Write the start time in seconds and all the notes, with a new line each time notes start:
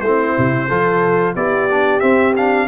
0.00 A3 E4 C5
0.06 C4
0.38 C3
0.68 F3 F4 A4
1.35 B3 E4 G4 D5
1.70 D4
2.00 C4 E5
2.36 D4 F5